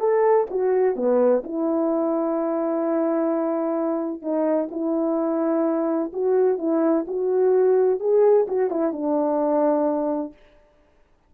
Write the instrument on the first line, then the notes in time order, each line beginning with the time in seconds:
horn
0.00 A4
0.50 F#4
0.96 B3
1.44 E4
4.22 D#4
4.71 E4
6.13 F#4
6.59 E4
7.07 F#4
8.00 G#4
8.48 F#4
8.70 E4
8.93 D4